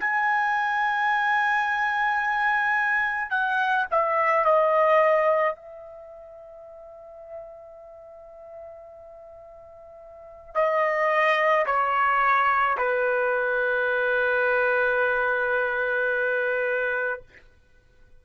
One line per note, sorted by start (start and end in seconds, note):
0.00 3.31 G#5
3.31 3.86 F#5
3.91 4.45 E5
4.45 5.56 D#5
5.56 10.55 E5
10.55 11.66 D#5
11.67 12.78 C#5
12.78 17.22 B4